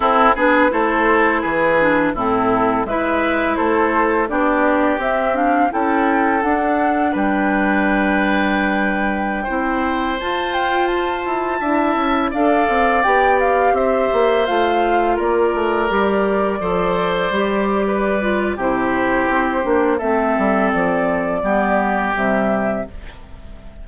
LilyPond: <<
  \new Staff \with { instrumentName = "flute" } { \time 4/4 \tempo 4 = 84 a'8 b'8 c''4 b'4 a'4 | e''4 c''4 d''4 e''8 f''8 | g''4 fis''4 g''2~ | g''2~ g''16 a''8 g''8 a''8.~ |
a''4~ a''16 f''4 g''8 f''8 e''8.~ | e''16 f''4 d''2~ d''8.~ | d''2 c''2 | e''4 d''2 e''4 | }
  \new Staff \with { instrumentName = "oboe" } { \time 4/4 e'8 gis'8 a'4 gis'4 e'4 | b'4 a'4 g'2 | a'2 b'2~ | b'4~ b'16 c''2~ c''8.~ |
c''16 e''4 d''2 c''8.~ | c''4~ c''16 ais'2 c''8.~ | c''4 b'4 g'2 | a'2 g'2 | }
  \new Staff \with { instrumentName = "clarinet" } { \time 4/4 c'8 d'8 e'4. d'8 c'4 | e'2 d'4 c'8 d'8 | e'4 d'2.~ | d'4~ d'16 e'4 f'4.~ f'16~ |
f'16 e'4 a'4 g'4.~ g'16~ | g'16 f'2 g'4 a'8.~ | a'16 g'4~ g'16 f'8 e'4. d'8 | c'2 b4 g4 | }
  \new Staff \with { instrumentName = "bassoon" } { \time 4/4 c'8 b8 a4 e4 a,4 | gis4 a4 b4 c'4 | cis'4 d'4 g2~ | g4~ g16 c'4 f'4. e'16~ |
e'16 d'8 cis'8 d'8 c'8 b4 c'8 ais16~ | ais16 a4 ais8 a8 g4 f8.~ | f16 g4.~ g16 c4 c'8 ais8 | a8 g8 f4 g4 c4 | }
>>